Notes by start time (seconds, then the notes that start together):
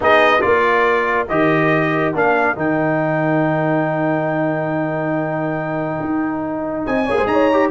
0.00 B3 D#4 G#4 D#5
0.41 A#3 F4 A#4 D5
1.28 D#3 G4 D#5
2.14 A#3 D4 F5
2.55 D#3 D#4 G5
6.00 D#4
6.86 C4 D#5 G#5
7.06 A#3 G#4 C#5
7.17 G#3 C5
7.26 D#4 C#5 A#5
7.52 G4